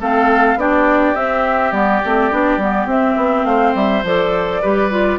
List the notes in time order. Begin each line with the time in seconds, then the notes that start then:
0.00 A3 C4 A4 F5
0.55 B3 D4 G4 D5
1.15 C4 E5
1.71 G3 B3 D5
2.04 A3 C4
2.31 B3 D4
2.57 G3 B3
2.86 C4 E5
3.16 B3
3.44 A3 C5 F5
3.74 G3 E5
4.03 F3 A4 D5
4.61 G3 G4 B4
4.91 F4